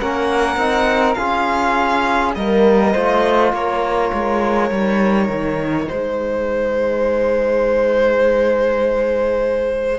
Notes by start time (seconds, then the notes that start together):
0.00 A#3 C#4 A#4 F#5
0.56 C4 D#4
1.14 C#4 F4 G#4 F5
2.35 G3 A#3 A#4 D#5
2.93 A3 F4 C5
3.52 A#3 A#4 C#5
4.13 G#3
4.70 G3 D#4
5.29 D#3
5.88 G#3 G#4 C5